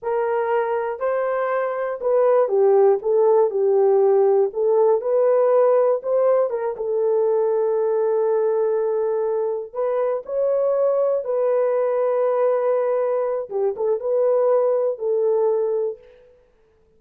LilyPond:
\new Staff \with { instrumentName = "horn" } { \time 4/4 \tempo 4 = 120 ais'2 c''2 | b'4 g'4 a'4 g'4~ | g'4 a'4 b'2 | c''4 ais'8 a'2~ a'8~ |
a'2.~ a'8 b'8~ | b'8 cis''2 b'4.~ | b'2. g'8 a'8 | b'2 a'2 | }